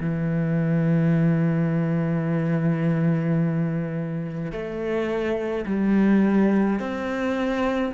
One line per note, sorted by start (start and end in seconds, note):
0.00 4.52 E3
4.52 5.65 A3
5.66 6.79 G3
6.79 7.92 C4